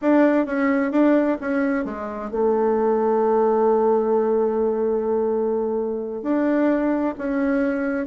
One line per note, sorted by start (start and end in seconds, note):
0.01 0.46 D4
0.46 0.91 C#4
0.91 1.37 D4
1.40 1.84 C#4
1.84 2.31 G#3
2.31 6.22 A3
6.22 7.14 D4
7.18 8.06 C#4